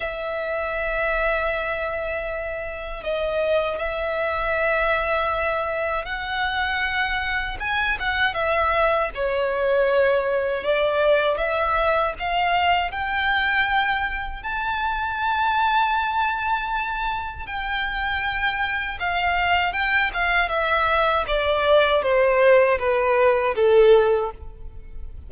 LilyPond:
\new Staff \with { instrumentName = "violin" } { \time 4/4 \tempo 4 = 79 e''1 | dis''4 e''2. | fis''2 gis''8 fis''8 e''4 | cis''2 d''4 e''4 |
f''4 g''2 a''4~ | a''2. g''4~ | g''4 f''4 g''8 f''8 e''4 | d''4 c''4 b'4 a'4 | }